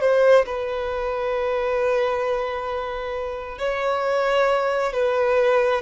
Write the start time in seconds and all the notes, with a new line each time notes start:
0.00 C5
0.46 B4
3.58 C#5
4.92 B4